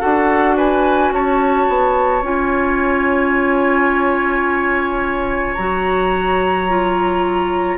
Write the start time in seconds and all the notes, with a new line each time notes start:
0.00 D4 F#4 A4 F#5
0.58 B4 G#5
1.11 C#4 C#5 A5
1.69 B3
2.22 C#4 F4 G#5
5.55 F#3 F#4 A#5
6.69 F4